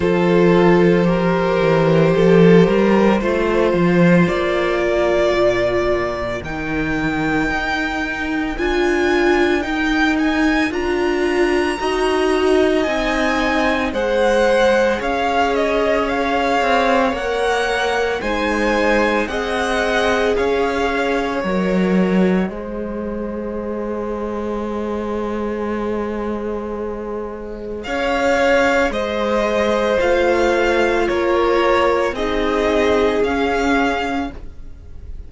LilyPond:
<<
  \new Staff \with { instrumentName = "violin" } { \time 4/4 \tempo 4 = 56 c''1 | d''2 g''2 | gis''4 g''8 gis''8 ais''2 | gis''4 fis''4 f''8 dis''8 f''4 |
fis''4 gis''4 fis''4 f''4 | dis''1~ | dis''2 f''4 dis''4 | f''4 cis''4 dis''4 f''4 | }
  \new Staff \with { instrumentName = "violin" } { \time 4/4 a'4 ais'4 a'8 ais'8 c''4~ | c''8 ais'2.~ ais'8~ | ais'2. dis''4~ | dis''4 c''4 cis''2~ |
cis''4 c''4 dis''4 cis''4~ | cis''4 c''2.~ | c''2 cis''4 c''4~ | c''4 ais'4 gis'2 | }
  \new Staff \with { instrumentName = "viola" } { \time 4/4 f'4 g'2 f'4~ | f'2 dis'2 | f'4 dis'4 f'4 fis'4 | dis'4 gis'2. |
ais'4 dis'4 gis'2 | ais'4 gis'2.~ | gis'1 | f'2 dis'4 cis'4 | }
  \new Staff \with { instrumentName = "cello" } { \time 4/4 f4. e8 f8 g8 a8 f8 | ais4 ais,4 dis4 dis'4 | d'4 dis'4 d'4 dis'4 | c'4 gis4 cis'4. c'8 |
ais4 gis4 c'4 cis'4 | fis4 gis2.~ | gis2 cis'4 gis4 | a4 ais4 c'4 cis'4 | }
>>